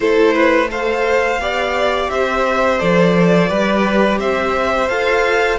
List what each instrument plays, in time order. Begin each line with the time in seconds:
0.00 cello A3, viola E4, violin A4 C5
0.34 violin B4
0.67 viola A4, violin C5 F5
1.39 cello B3, viola G4, violin D5
2.09 cello C4, violin C5 E5
2.78 cello F3, viola A4, violin D5
3.48 cello G3, viola G4, violin B4
4.18 cello C4, violin C5 E5
4.88 cello F4, viola A4, violin F5